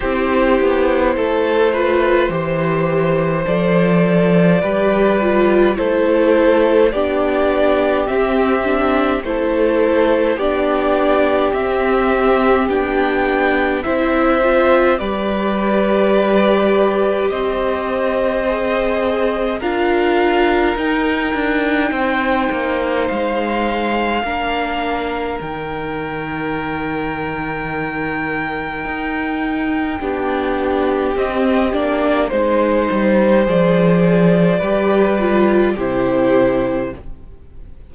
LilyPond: <<
  \new Staff \with { instrumentName = "violin" } { \time 4/4 \tempo 4 = 52 c''2. d''4~ | d''4 c''4 d''4 e''4 | c''4 d''4 e''4 g''4 | e''4 d''2 dis''4~ |
dis''4 f''4 g''2 | f''2 g''2~ | g''2. dis''8 d''8 | c''4 d''2 c''4 | }
  \new Staff \with { instrumentName = "violin" } { \time 4/4 g'4 a'8 b'8 c''2 | b'4 a'4 g'2 | a'4 g'2. | c''4 b'2 c''4~ |
c''4 ais'2 c''4~ | c''4 ais'2.~ | ais'2 g'2 | c''2 b'4 g'4 | }
  \new Staff \with { instrumentName = "viola" } { \time 4/4 e'4. f'8 g'4 a'4 | g'8 f'8 e'4 d'4 c'8 d'8 | e'4 d'4 c'4 d'4 | e'8 f'8 g'2. |
gis'4 f'4 dis'2~ | dis'4 d'4 dis'2~ | dis'2 d'4 c'8 d'8 | dis'4 gis'4 g'8 f'8 e'4 | }
  \new Staff \with { instrumentName = "cello" } { \time 4/4 c'8 b8 a4 e4 f4 | g4 a4 b4 c'4 | a4 b4 c'4 b4 | c'4 g2 c'4~ |
c'4 d'4 dis'8 d'8 c'8 ais8 | gis4 ais4 dis2~ | dis4 dis'4 b4 c'8 ais8 | gis8 g8 f4 g4 c4 | }
>>